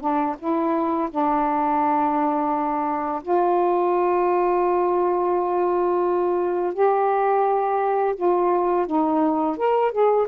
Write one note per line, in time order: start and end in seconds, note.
0.00 0.35 D4
0.39 1.09 E4
1.10 3.22 D4
3.22 6.73 F4
6.73 8.15 G4
8.16 8.86 F4
8.86 9.57 D#4
9.57 9.91 A#4
9.91 10.27 G#4